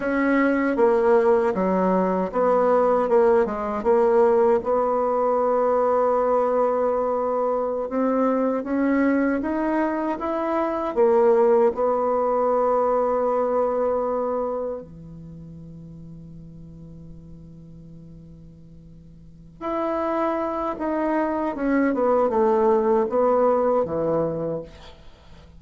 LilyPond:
\new Staff \with { instrumentName = "bassoon" } { \time 4/4 \tempo 4 = 78 cis'4 ais4 fis4 b4 | ais8 gis8 ais4 b2~ | b2~ b16 c'4 cis'8.~ | cis'16 dis'4 e'4 ais4 b8.~ |
b2.~ b16 e8.~ | e1~ | e4. e'4. dis'4 | cis'8 b8 a4 b4 e4 | }